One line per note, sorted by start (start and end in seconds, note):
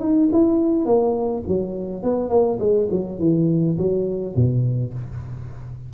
0.00 0.29 D#4
0.32 0.85 E4
0.85 1.43 A#3
1.48 2.03 F#3
2.03 2.29 B3
2.29 2.58 A#3
2.59 2.88 G#3
2.91 3.19 F#3
3.19 3.77 E3
3.78 4.35 F#3
4.36 4.94 B2